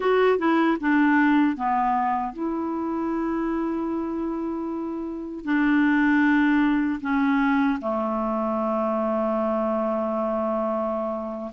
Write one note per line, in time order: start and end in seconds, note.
0.00 0.38 F#4
0.38 0.77 E4
0.80 1.56 D4
1.56 2.33 B3
2.33 5.44 E4
5.44 7.00 D4
7.01 7.79 C#4
7.81 11.51 A3